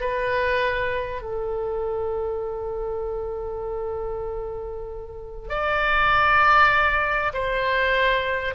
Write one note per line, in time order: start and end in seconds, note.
0.00 1.22 B4
1.22 5.49 A4
5.49 7.32 D5
7.33 8.54 C5